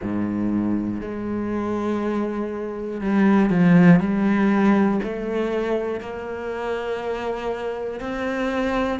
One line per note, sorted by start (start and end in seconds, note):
0.02 1.00 G#2
1.00 3.00 G#3
3.00 3.50 G3
3.50 4.00 F3
4.00 5.00 G3
5.03 6.00 A3
6.00 8.00 A#3
8.00 9.00 C4